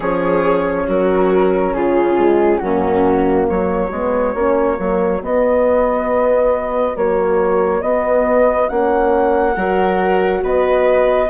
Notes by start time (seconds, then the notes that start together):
0.00 F3 C#4 G#4 C#5
0.87 F#3 F#4 A#4
1.74 C#3 F4 G#4
2.17 G#3
2.58 F#2 A#3 C#4 F#4
3.48 F#3 F#4 C#5
3.90 G#3 B3
4.34 A#3 C#4
4.76 F#3 A#3
5.22 B3 D#5
6.96 F#3 A#3 C#5
7.81 B3 D#5
8.68 A#3 C#4 F#5
9.55 F#3 F#4 A#4
10.43 B3 B4 D#5